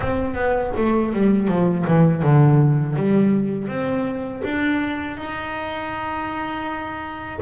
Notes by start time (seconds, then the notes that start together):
0.00 C4
0.34 B3
0.76 A3
1.13 G3
1.48 F3
1.87 E3
2.22 D3
2.96 G3
3.68 C4
4.44 D4
5.17 D#4